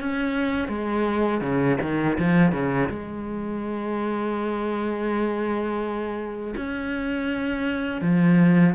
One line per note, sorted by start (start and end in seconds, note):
0.00 0.68 C#4
0.68 1.41 G#3
1.41 1.77 C#3
1.81 2.18 D#3
2.18 2.52 F3
2.52 2.89 C#3
2.89 6.55 G#3
6.56 8.01 C#4
8.01 8.74 F3